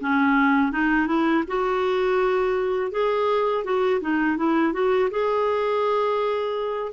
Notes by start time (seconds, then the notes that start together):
0.00 C#4
0.72 D#4
1.07 E4
1.47 F#4
2.91 G#4
3.64 F#4
4.00 D#4
4.37 E4
4.73 F#4
5.10 G#4